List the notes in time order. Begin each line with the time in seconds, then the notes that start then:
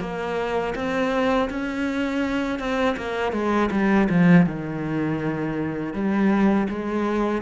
0.00 A#3
0.75 C4
1.50 C#4
2.59 C4
2.97 A#3
3.32 G#3
3.71 G3
4.09 F3
4.46 D#3
5.93 G3
6.69 G#3